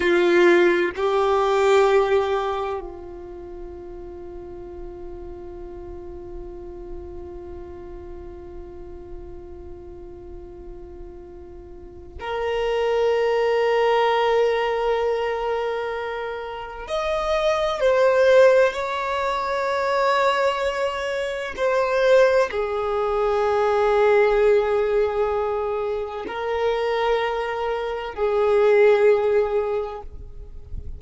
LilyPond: \new Staff \with { instrumentName = "violin" } { \time 4/4 \tempo 4 = 64 f'4 g'2 f'4~ | f'1~ | f'1~ | f'4 ais'2.~ |
ais'2 dis''4 c''4 | cis''2. c''4 | gis'1 | ais'2 gis'2 | }